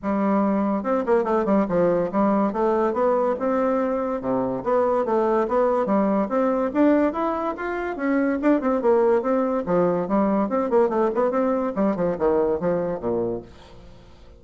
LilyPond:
\new Staff \with { instrumentName = "bassoon" } { \time 4/4 \tempo 4 = 143 g2 c'8 ais8 a8 g8 | f4 g4 a4 b4 | c'2 c4 b4 | a4 b4 g4 c'4 |
d'4 e'4 f'4 cis'4 | d'8 c'8 ais4 c'4 f4 | g4 c'8 ais8 a8 b8 c'4 | g8 f8 dis4 f4 ais,4 | }